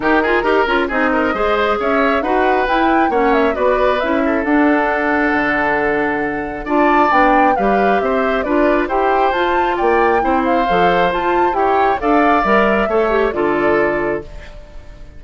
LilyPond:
<<
  \new Staff \with { instrumentName = "flute" } { \time 4/4 \tempo 4 = 135 ais'2 dis''2 | e''4 fis''4 g''4 fis''8 e''8 | d''4 e''4 fis''2~ | fis''2. a''4 |
g''4 f''4 e''4 d''4 | g''4 a''4 g''4. f''8~ | f''4 a''4 g''4 f''4 | e''2 d''2 | }
  \new Staff \with { instrumentName = "oboe" } { \time 4/4 g'8 gis'8 ais'4 gis'8 ais'8 c''4 | cis''4 b'2 cis''4 | b'4. a'2~ a'8~ | a'2. d''4~ |
d''4 b'4 c''4 b'4 | c''2 d''4 c''4~ | c''2 cis''4 d''4~ | d''4 cis''4 a'2 | }
  \new Staff \with { instrumentName = "clarinet" } { \time 4/4 dis'8 f'8 g'8 f'8 dis'4 gis'4~ | gis'4 fis'4 e'4 cis'4 | fis'4 e'4 d'2~ | d'2. f'4 |
d'4 g'2 f'4 | g'4 f'2 e'4 | a'4 f'4 g'4 a'4 | ais'4 a'8 g'8 f'2 | }
  \new Staff \with { instrumentName = "bassoon" } { \time 4/4 dis4 dis'8 cis'8 c'4 gis4 | cis'4 dis'4 e'4 ais4 | b4 cis'4 d'2 | d2. d'4 |
b4 g4 c'4 d'4 | e'4 f'4 ais4 c'4 | f4 f'4 e'4 d'4 | g4 a4 d2 | }
>>